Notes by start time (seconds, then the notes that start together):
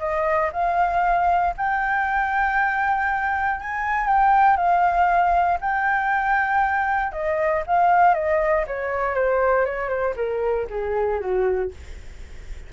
0.00 D#5
0.53 F5
1.58 G5
3.61 G#5
4.07 G5
4.57 F5
5.61 G5
7.13 D#5
7.67 F5
8.15 D#5
8.67 C#5
9.15 C5
9.66 C#5
9.89 C5
10.17 A#4
10.70 G#4
11.20 F#4